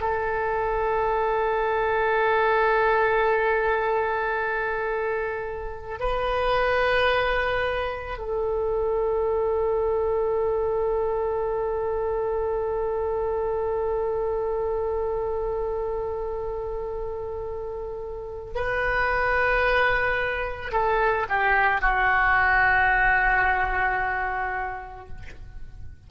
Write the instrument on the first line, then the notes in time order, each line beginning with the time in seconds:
oboe
0.00 A4
6.00 B4
8.18 A4
18.55 B4
20.72 A4
21.29 G4
21.81 F#4